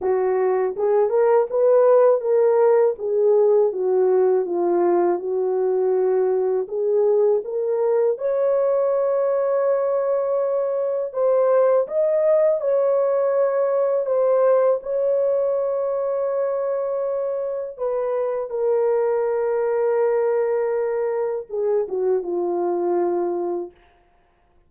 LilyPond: \new Staff \with { instrumentName = "horn" } { \time 4/4 \tempo 4 = 81 fis'4 gis'8 ais'8 b'4 ais'4 | gis'4 fis'4 f'4 fis'4~ | fis'4 gis'4 ais'4 cis''4~ | cis''2. c''4 |
dis''4 cis''2 c''4 | cis''1 | b'4 ais'2.~ | ais'4 gis'8 fis'8 f'2 | }